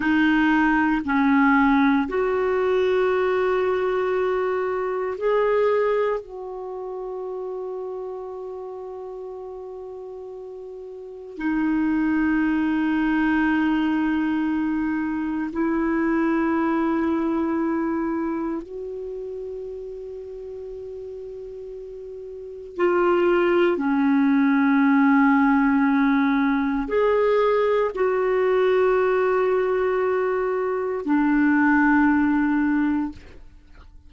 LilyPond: \new Staff \with { instrumentName = "clarinet" } { \time 4/4 \tempo 4 = 58 dis'4 cis'4 fis'2~ | fis'4 gis'4 fis'2~ | fis'2. dis'4~ | dis'2. e'4~ |
e'2 fis'2~ | fis'2 f'4 cis'4~ | cis'2 gis'4 fis'4~ | fis'2 d'2 | }